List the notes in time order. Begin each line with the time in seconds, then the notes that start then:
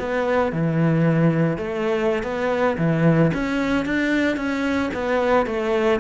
0.00 B3
0.53 E3
1.58 A3
2.23 B3
2.78 E3
3.34 C#4
3.86 D4
4.37 C#4
4.94 B3
5.47 A3